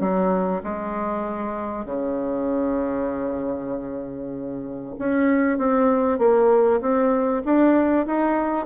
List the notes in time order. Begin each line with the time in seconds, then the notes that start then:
0.00 F#3
0.63 G#3
1.85 C#3
4.98 C#4
5.58 C4
6.19 A#3
6.81 C4
7.45 D4
8.06 D#4